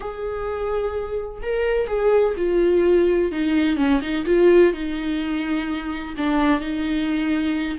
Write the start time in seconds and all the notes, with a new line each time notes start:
0.00 G#4
1.42 A#4
1.87 G#4
2.36 F4
3.31 D#4
3.76 C#4
4.01 D#4
4.25 F4
4.73 D#4
6.17 D4
6.60 D#4